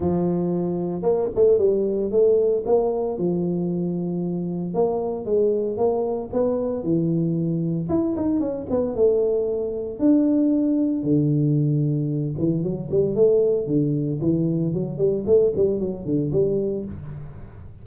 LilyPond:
\new Staff \with { instrumentName = "tuba" } { \time 4/4 \tempo 4 = 114 f2 ais8 a8 g4 | a4 ais4 f2~ | f4 ais4 gis4 ais4 | b4 e2 e'8 dis'8 |
cis'8 b8 a2 d'4~ | d'4 d2~ d8 e8 | fis8 g8 a4 d4 e4 | fis8 g8 a8 g8 fis8 d8 g4 | }